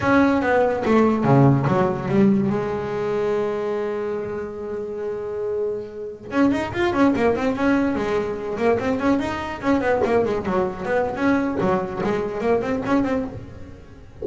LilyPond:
\new Staff \with { instrumentName = "double bass" } { \time 4/4 \tempo 4 = 145 cis'4 b4 a4 cis4 | fis4 g4 gis2~ | gis1~ | gis2.~ gis16 cis'8 dis'16~ |
dis'16 f'8 cis'8 ais8 c'8 cis'4 gis8.~ | gis8. ais8 c'8 cis'8 dis'4 cis'8 b16~ | b16 ais8 gis8 fis4 b8. cis'4 | fis4 gis4 ais8 c'8 cis'8 c'8 | }